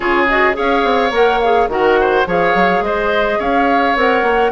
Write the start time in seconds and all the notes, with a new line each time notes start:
0.00 C#3 F4 G#4 C#5
0.28 F#4 D#5
0.53 C#4 G#4 C#5 F5
0.83 C4
1.10 A#3 A#4 F#5
1.41 G#4 F5
1.68 D#3 F#4 A#4 F#5
2.00 C5
2.26 F3 G#4 C#5 F5
2.54 F#3
2.80 G#3 C5 D#5
3.38 C#4 C#5 F5
3.96 C4 A#4 F#5
4.22 A#3